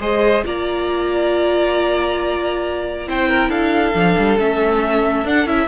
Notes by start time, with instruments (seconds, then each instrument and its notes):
0.00 cello G#3, viola G#4, violin C5 D#5
0.44 cello A#3, viola F4, violin D5 A#5
3.07 cello C4, viola E4, violin C5 G5
3.29 violin A#4
3.49 cello D4, violin A4 F5
3.94 cello F3, viola D4
4.18 cello G3
4.39 cello A3, viola C#4, violin E5
5.24 cello D4, viola D4, violin F#5
5.45 cello C#4, viola E4, violin E5